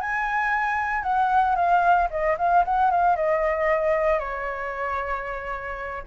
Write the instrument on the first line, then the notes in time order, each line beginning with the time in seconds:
flute
0.00 G#5
1.03 F#5
1.56 F5
2.10 D#5
2.38 F5
2.65 F#5
2.90 F5
3.16 D#5
4.19 C#5